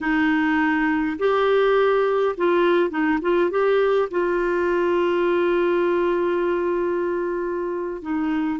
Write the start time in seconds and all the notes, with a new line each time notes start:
0.00 D#4
1.19 G4
2.37 F4
2.89 D#4
3.21 F4
3.50 G4
4.10 F4
8.02 D#4